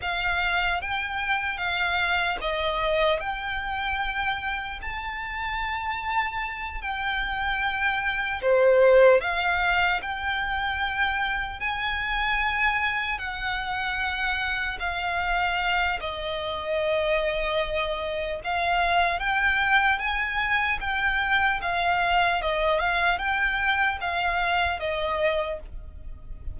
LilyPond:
\new Staff \with { instrumentName = "violin" } { \time 4/4 \tempo 4 = 75 f''4 g''4 f''4 dis''4 | g''2 a''2~ | a''8 g''2 c''4 f''8~ | f''8 g''2 gis''4.~ |
gis''8 fis''2 f''4. | dis''2. f''4 | g''4 gis''4 g''4 f''4 | dis''8 f''8 g''4 f''4 dis''4 | }